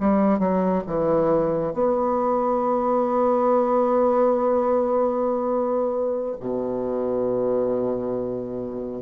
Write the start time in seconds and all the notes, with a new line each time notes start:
0.00 G3
0.39 F#3
0.87 E3
1.74 B3
6.41 B2